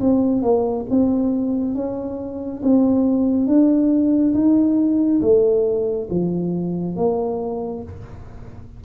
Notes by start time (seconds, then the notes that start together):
0.00 C4
0.42 A#3
0.90 C4
1.75 C#4
2.62 C4
3.47 D4
4.34 D#4
5.21 A3
6.10 F3
6.96 A#3